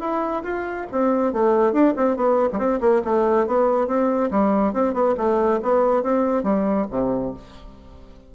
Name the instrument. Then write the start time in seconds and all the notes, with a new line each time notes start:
bassoon
0.00 E4
0.43 F4
0.92 C4
1.33 A3
1.72 D4
1.97 C4
2.16 B3
2.53 G3 C4
2.80 A#3
3.04 A3
3.47 B3
3.87 C4
4.31 G3
4.73 C4
4.93 B3
5.17 A3
5.62 B3
6.03 C4
6.43 G3
6.91 C3